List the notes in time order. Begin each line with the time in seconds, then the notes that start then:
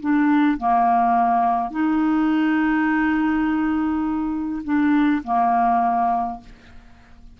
0.00 D4
0.57 A#3
1.71 D#4
4.63 D4
5.23 A#3